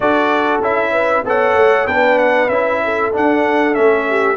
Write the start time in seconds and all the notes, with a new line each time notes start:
0.00 D4 F#4 A4 D5
0.60 C#4 E4 E5
0.92 B4
1.24 B3 A4 C#5 F#5
1.55 A3
1.87 B3 D4 B4 G5
2.18 F#5
2.48 C#4 E4 E5
2.84 A4
3.12 D4 F#5
3.73 A3 C#4 E5
4.09 G4